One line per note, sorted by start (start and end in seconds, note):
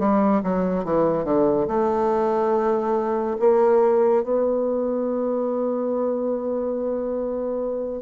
0.00 0.42 G3
0.44 0.85 F#3
0.85 1.25 E3
1.25 1.67 D3
1.68 3.37 A3
3.40 4.24 A#3
4.24 8.02 B3